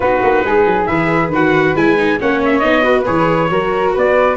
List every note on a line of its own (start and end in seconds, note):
0.00 0.20 B3
0.00 0.88 D#4
0.00 0.43 F#4
0.00 0.86 B4
0.22 0.44 A#3
0.44 0.65 G#3
0.44 0.88 G#4
0.65 0.87 F#3
0.86 1.28 E3
0.86 1.32 G#4
0.86 2.19 B4
0.86 1.29 E5
1.28 1.72 D#3
1.28 1.75 F#4
1.28 1.76 F#5
1.75 2.18 G#3
1.75 1.96 E4
1.75 2.20 G#5
1.96 2.18 D#4
2.20 2.63 A#3
2.20 2.61 C#4
2.20 2.84 C#5
2.20 2.42 F#5
2.44 2.59 E5
2.59 3.07 B3
2.59 2.81 D#4
2.59 3.03 D#5
2.81 3.03 F#4
2.81 3.49 B4
3.05 3.49 E3
3.05 3.49 G#4
3.05 3.93 C#5
3.49 3.93 F#3
3.49 4.36 F#4
3.49 3.94 A#4
3.94 4.36 B3
3.94 4.36 B4
3.94 4.36 D5